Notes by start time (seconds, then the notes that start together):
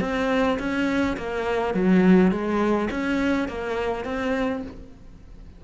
0.00 C4
0.58 C#4
1.17 A#3
1.74 F#3
2.31 G#3
2.90 C#4
3.48 A#3
4.04 C4